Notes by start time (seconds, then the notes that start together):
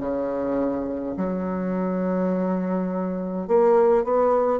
0.00 C#3
1.17 F#3
3.47 A#3
4.04 B3